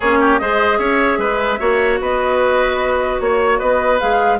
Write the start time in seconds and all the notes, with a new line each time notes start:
0.00 A#3 C#4 G#4 C#5
0.20 G4
0.38 G#3 G#4 C5 D#5
0.78 C#4 C#5 E5
1.18 G#3 B4
1.59 A#3 F#4 C#5
2.00 B3 B4 D#5
3.20 A#3 C#5
3.58 B3 B4 D#5
3.99 G#3 G#4 F5